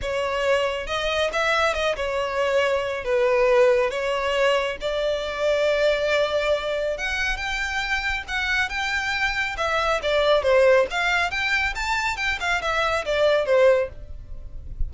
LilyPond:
\new Staff \with { instrumentName = "violin" } { \time 4/4 \tempo 4 = 138 cis''2 dis''4 e''4 | dis''8 cis''2~ cis''8 b'4~ | b'4 cis''2 d''4~ | d''1 |
fis''4 g''2 fis''4 | g''2 e''4 d''4 | c''4 f''4 g''4 a''4 | g''8 f''8 e''4 d''4 c''4 | }